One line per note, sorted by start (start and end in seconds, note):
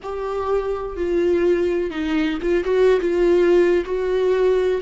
0.02 0.96 G4
0.96 1.90 F4
1.90 2.38 D#4
2.41 2.64 F4
2.64 3.00 F#4
3.00 3.84 F4
3.85 4.81 F#4